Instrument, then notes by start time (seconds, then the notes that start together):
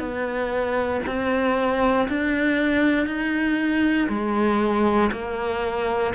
cello
0.00 B3
1.07 C4
2.09 D4
3.07 D#4
4.09 G#3
5.13 A#3